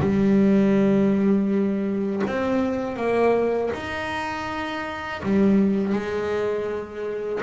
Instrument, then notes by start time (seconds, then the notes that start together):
double bass
0.00 G3
2.27 C4
2.96 A#3
3.73 D#4
5.23 G3
5.93 G#3